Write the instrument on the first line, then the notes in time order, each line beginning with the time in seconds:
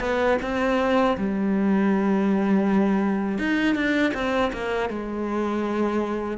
cello
0.00 B3
0.42 C4
1.18 G3
3.39 D#4
3.75 D4
4.14 C4
4.53 A#3
4.90 G#3